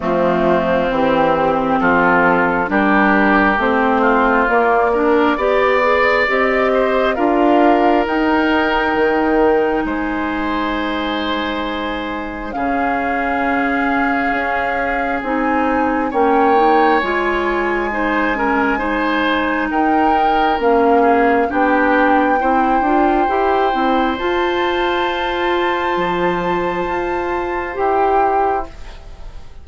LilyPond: <<
  \new Staff \with { instrumentName = "flute" } { \time 4/4 \tempo 4 = 67 f'4 g'4 a'4 ais'4 | c''4 d''2 dis''4 | f''4 g''2 gis''4~ | gis''2 f''2~ |
f''4 gis''4 g''4 gis''4~ | gis''2 g''4 f''4 | g''2. a''4~ | a''2. g''4 | }
  \new Staff \with { instrumentName = "oboe" } { \time 4/4 c'2 f'4 g'4~ | g'8 f'4 ais'8 d''4. c''8 | ais'2. c''4~ | c''2 gis'2~ |
gis'2 cis''2 | c''8 ais'8 c''4 ais'4. gis'8 | g'4 c''2.~ | c''1 | }
  \new Staff \with { instrumentName = "clarinet" } { \time 4/4 a4 c'2 d'4 | c'4 ais8 d'8 g'8 gis'8 g'4 | f'4 dis'2.~ | dis'2 cis'2~ |
cis'4 dis'4 cis'8 dis'8 f'4 | dis'8 cis'8 dis'2 cis'4 | d'4 e'8 f'8 g'8 e'8 f'4~ | f'2. g'4 | }
  \new Staff \with { instrumentName = "bassoon" } { \time 4/4 f4 e4 f4 g4 | a4 ais4 b4 c'4 | d'4 dis'4 dis4 gis4~ | gis2 cis2 |
cis'4 c'4 ais4 gis4~ | gis2 dis'4 ais4 | b4 c'8 d'8 e'8 c'8 f'4~ | f'4 f4 f'4 e'4 | }
>>